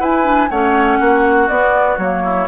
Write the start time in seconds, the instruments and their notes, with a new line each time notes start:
0.00 bassoon E4, clarinet E4, oboe B4, flute G#5
0.24 clarinet D4
0.50 bassoon A3, clarinet C#4, oboe C#5, flute F#5
0.99 bassoon A#3, oboe F#4
1.49 clarinet B3, bassoon B3, flute D5
1.98 bassoon F#3, clarinet A#3, flute C#5
2.24 oboe E4